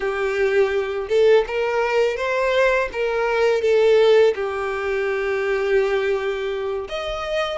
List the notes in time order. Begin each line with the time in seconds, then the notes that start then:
0.00 G4
1.08 A4
1.47 A#4
2.16 C5
2.92 A#4
3.61 A4
4.35 G4
6.88 D#5